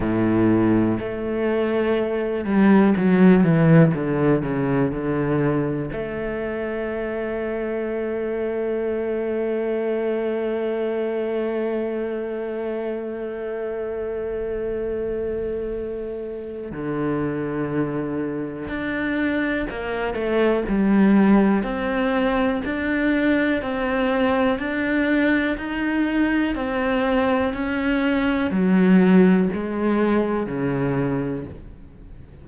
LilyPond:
\new Staff \with { instrumentName = "cello" } { \time 4/4 \tempo 4 = 61 a,4 a4. g8 fis8 e8 | d8 cis8 d4 a2~ | a1~ | a1~ |
a4 d2 d'4 | ais8 a8 g4 c'4 d'4 | c'4 d'4 dis'4 c'4 | cis'4 fis4 gis4 cis4 | }